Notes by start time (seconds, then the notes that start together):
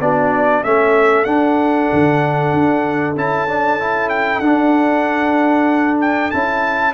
0.00 B3 D4 F#4 D5
0.63 A3 C#4 A4 E5
1.25 D4 F#5
1.93 D3
2.53 D4
3.16 C#4 E4 A5
3.48 D4
3.80 E4
4.09 G5
4.40 D4 F#5
6.01 G5
6.31 C#4 E4 A5